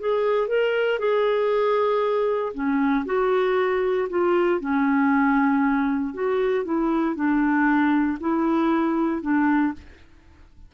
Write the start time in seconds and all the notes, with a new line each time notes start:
0.00 G#4
0.48 A#4
0.99 G#4
2.54 C#4
3.06 F#4
4.10 F4
4.61 C#4
6.14 F#4
6.65 E4
7.16 D4
8.20 E4
9.22 D4